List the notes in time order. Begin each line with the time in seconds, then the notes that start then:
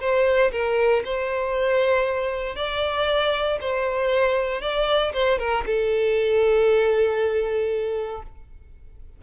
0.00 C5
0.52 A#4
1.05 C5
2.56 D5
3.61 C5
4.61 D5
5.13 C5
5.38 A#4
5.66 A4